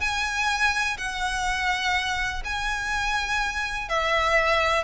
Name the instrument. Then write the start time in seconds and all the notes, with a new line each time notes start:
violin
0.00 G#5
0.97 F#5
2.44 G#5
3.88 E5